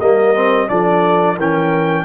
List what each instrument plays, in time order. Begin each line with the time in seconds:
0.00 tuba G3, trombone A#3, horn A#4, trumpet D#5
0.35 trombone C4
0.68 tuba F3, trombone D4, horn A4, trumpet D5
1.38 tuba E3, trombone C#4, horn A#4, trumpet G5